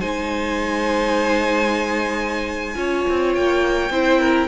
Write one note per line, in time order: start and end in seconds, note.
0.00 2.75 G#3
0.00 2.74 D#4
0.00 2.74 C5
0.00 3.32 G#5
2.74 3.05 C#4
2.74 3.90 F4
2.74 3.92 C#5
3.08 3.36 C4
3.34 3.89 A#3
3.34 4.47 G5
3.89 4.47 C4
3.89 4.47 E4
3.89 4.20 C5
4.20 4.47 A#4